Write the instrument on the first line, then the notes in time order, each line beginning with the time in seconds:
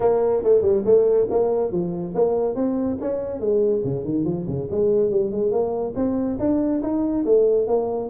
tuba
0.00 A#3
0.43 A3
0.61 G3
0.85 A3
1.30 A#3
1.71 F3
2.14 A#3
2.55 C4
3.01 C#4
3.39 G#3
3.84 C#3
4.04 D#3
4.25 F3
4.47 C#3
4.70 G#3
5.10 G3
5.31 G#3
5.51 A#3
5.95 C4
6.39 D4
6.82 D#4
7.25 A3
7.67 A#3